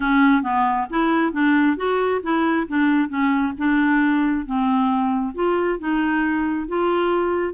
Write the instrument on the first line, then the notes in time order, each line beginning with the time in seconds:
clarinet
0.00 C#4
0.42 B3
0.89 E4
1.33 D4
1.77 F#4
2.22 E4
2.68 D4
3.08 C#4
3.58 D4
4.46 C4
5.34 F4
5.79 D#4
6.68 F4